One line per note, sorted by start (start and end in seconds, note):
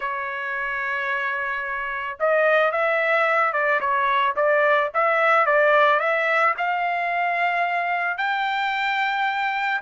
0.00 2.18 C#5
2.19 2.71 D#5
2.71 3.52 E5
3.52 3.80 D5
3.80 4.35 C#5
4.36 4.90 D5
4.94 5.45 E5
5.45 5.99 D5
5.99 6.54 E5
6.57 8.17 F5
8.17 9.81 G5